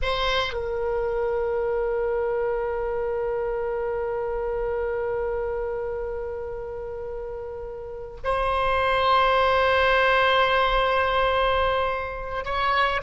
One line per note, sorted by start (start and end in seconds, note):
0.02 0.53 C5
0.53 8.17 A#4
8.24 12.44 C5
12.44 13.01 C#5